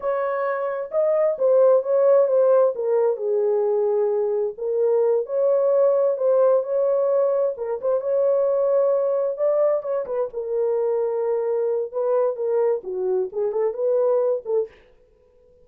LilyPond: \new Staff \with { instrumentName = "horn" } { \time 4/4 \tempo 4 = 131 cis''2 dis''4 c''4 | cis''4 c''4 ais'4 gis'4~ | gis'2 ais'4. cis''8~ | cis''4. c''4 cis''4.~ |
cis''8 ais'8 c''8 cis''2~ cis''8~ | cis''8 d''4 cis''8 b'8 ais'4.~ | ais'2 b'4 ais'4 | fis'4 gis'8 a'8 b'4. a'8 | }